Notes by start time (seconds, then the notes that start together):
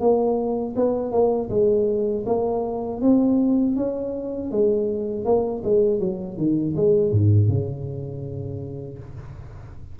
0.00 A#3
0.76 B3
1.11 A#3
1.50 G#3
2.26 A#3
3.01 C4
3.76 C#4
4.51 G#3
5.25 A#3
5.64 G#3
6.00 F#3
6.37 D#3
6.76 G#3
7.11 G#2
7.49 C#3